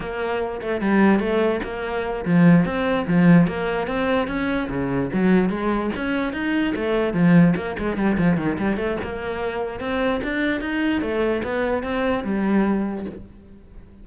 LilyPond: \new Staff \with { instrumentName = "cello" } { \time 4/4 \tempo 4 = 147 ais4. a8 g4 a4 | ais4. f4 c'4 f8~ | f8 ais4 c'4 cis'4 cis8~ | cis8 fis4 gis4 cis'4 dis'8~ |
dis'8 a4 f4 ais8 gis8 g8 | f8 dis8 g8 a8 ais2 | c'4 d'4 dis'4 a4 | b4 c'4 g2 | }